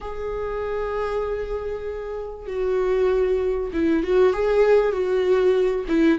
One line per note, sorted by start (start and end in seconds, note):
0.00 2.47 G#4
2.47 3.70 F#4
3.73 4.03 E4
4.03 4.33 F#4
4.33 4.92 G#4
4.92 5.85 F#4
5.88 6.19 E4